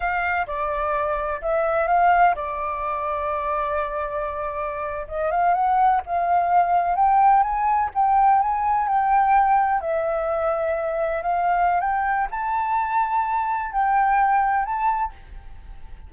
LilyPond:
\new Staff \with { instrumentName = "flute" } { \time 4/4 \tempo 4 = 127 f''4 d''2 e''4 | f''4 d''2.~ | d''2~ d''8. dis''8 f''8 fis''16~ | fis''8. f''2 g''4 gis''16~ |
gis''8. g''4 gis''4 g''4~ g''16~ | g''8. e''2. f''16~ | f''4 g''4 a''2~ | a''4 g''2 a''4 | }